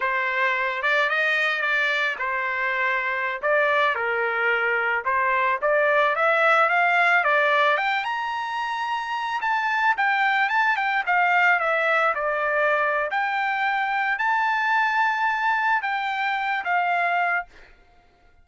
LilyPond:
\new Staff \with { instrumentName = "trumpet" } { \time 4/4 \tempo 4 = 110 c''4. d''8 dis''4 d''4 | c''2~ c''16 d''4 ais'8.~ | ais'4~ ais'16 c''4 d''4 e''8.~ | e''16 f''4 d''4 g''8 ais''4~ ais''16~ |
ais''4~ ais''16 a''4 g''4 a''8 g''16~ | g''16 f''4 e''4 d''4.~ d''16 | g''2 a''2~ | a''4 g''4. f''4. | }